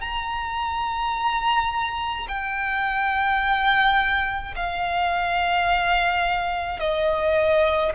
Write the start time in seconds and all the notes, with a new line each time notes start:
0.00 A#5
2.28 G5
4.55 F5
6.79 D#5